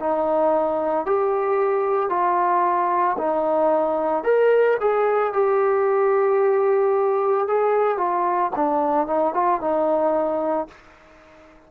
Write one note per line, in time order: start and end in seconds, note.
0.00 1.06 D#4
1.06 2.09 G4
2.09 3.17 F4
3.18 4.24 D#4
4.24 4.77 A#4
4.80 5.33 G#4
5.33 7.47 G4
7.47 7.97 G#4
7.97 8.51 F4
8.56 9.07 D4
9.07 9.34 D#4
9.34 9.61 F4
9.61 10.68 D#4